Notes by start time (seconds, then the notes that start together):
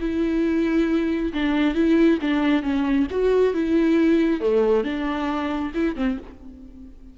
0.00 E4
1.33 D4
1.74 E4
2.21 D4
2.62 C#4
3.10 F#4
3.53 E4
4.40 A3
4.84 D4
5.74 E4
5.96 C4